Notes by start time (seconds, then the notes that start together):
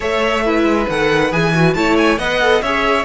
0.00 A3 A4 C#5 E5
0.44 E4 B4
0.64 G#3
0.89 D#3 A4 F#5
1.31 E3 G#4 G#5
1.54 F#4
1.74 A3 E4 C#5 A5
1.97 G#5
2.18 B3 B4 D#5 F#5
2.41 A4
2.62 C#4 G#4 C#5 E5